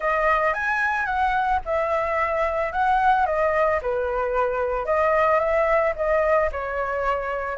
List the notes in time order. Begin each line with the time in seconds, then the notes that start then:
0.00 D#5
0.53 G#5
1.05 F#5
1.65 E5
2.72 F#5
3.26 D#5
3.81 B4
4.85 D#5
5.39 E5
5.96 D#5
6.52 C#5